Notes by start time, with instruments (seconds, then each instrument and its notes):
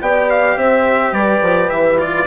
0.00 bassoon B3, cello G4, horn D5, trumpet G5
0.29 trumpet F5
0.56 bassoon C4, horn C5, trumpet E5
1.11 bassoon G3, horn B4, trumpet D5
1.42 bassoon F3
1.69 bassoon E3, trumpet E5
1.98 cello F4, trumpet D5